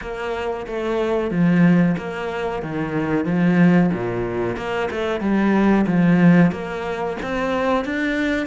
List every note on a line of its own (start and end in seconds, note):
0.01 0.66 A#3
0.66 1.30 A3
1.30 1.96 F3
1.97 2.62 A#3
2.62 3.25 D#3
3.25 3.90 F3
3.93 4.56 A#2
4.56 4.89 A#3
4.90 5.20 A3
5.20 5.85 G3
5.86 6.51 F3
6.51 7.17 A#3
7.22 7.84 C4
7.84 8.46 D4